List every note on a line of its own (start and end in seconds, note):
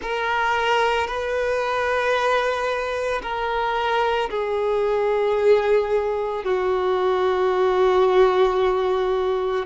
0.01 1.07 A#4
1.07 3.21 B4
3.22 4.29 A#4
4.30 6.44 G#4
6.44 9.65 F#4